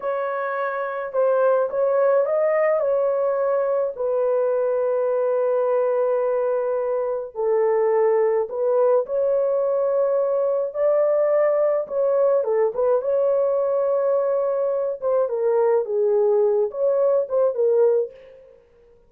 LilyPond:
\new Staff \with { instrumentName = "horn" } { \time 4/4 \tempo 4 = 106 cis''2 c''4 cis''4 | dis''4 cis''2 b'4~ | b'1~ | b'4 a'2 b'4 |
cis''2. d''4~ | d''4 cis''4 a'8 b'8 cis''4~ | cis''2~ cis''8 c''8 ais'4 | gis'4. cis''4 c''8 ais'4 | }